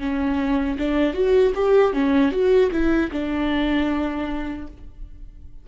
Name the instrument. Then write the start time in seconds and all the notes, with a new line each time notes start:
viola
0.00 C#4
0.79 D4
1.14 F#4
1.55 G4
1.93 C#4
2.32 F#4
2.72 E4
3.12 D4